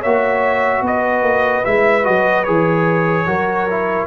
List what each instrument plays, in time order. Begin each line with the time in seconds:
0.00 tuba A#3, trombone F#4, horn C#5, trumpet E5
0.81 tuba B3, horn B4, trumpet D#5
1.22 tuba A#3
1.64 tuba G#3, trombone E4, trumpet E5
2.03 tuba F#3, trombone F#4, trumpet D#5
2.44 tuba E3, trombone G#4, trumpet C#5
3.27 tuba F#3, trombone F#4, horn A#4
3.70 trombone E4